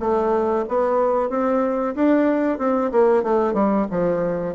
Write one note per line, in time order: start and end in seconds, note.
0.00 0.65 A3
0.68 1.30 B3
1.30 1.95 C4
1.95 2.58 D4
2.58 2.91 C4
2.92 3.23 A#3
3.23 3.54 A3
3.54 3.86 G3
3.91 4.55 F3